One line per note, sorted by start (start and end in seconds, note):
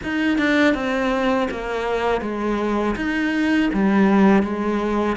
0.03 0.37 D#4
0.37 0.74 D4
0.74 1.48 C4
1.50 2.21 A#3
2.21 2.95 G#3
2.96 3.70 D#4
3.73 4.42 G3
4.42 5.16 G#3